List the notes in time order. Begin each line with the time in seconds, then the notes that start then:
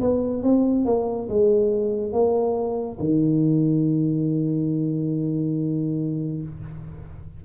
0.00 B3
0.42 C4
0.85 A#3
1.28 G#3
2.12 A#3
2.99 D#3